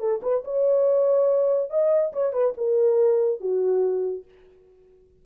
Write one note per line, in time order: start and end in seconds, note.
0.00 0.21 A4
0.23 0.44 B4
0.45 1.71 C#5
1.71 2.13 D#5
2.13 2.33 C#5
2.33 2.54 B4
2.58 3.41 A#4
3.41 4.25 F#4